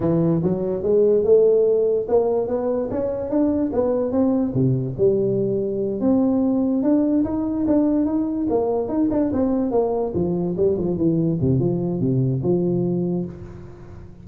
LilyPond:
\new Staff \with { instrumentName = "tuba" } { \time 4/4 \tempo 4 = 145 e4 fis4 gis4 a4~ | a4 ais4 b4 cis'4 | d'4 b4 c'4 c4 | g2~ g8 c'4.~ |
c'8 d'4 dis'4 d'4 dis'8~ | dis'8 ais4 dis'8 d'8 c'4 ais8~ | ais8 f4 g8 f8 e4 c8 | f4 c4 f2 | }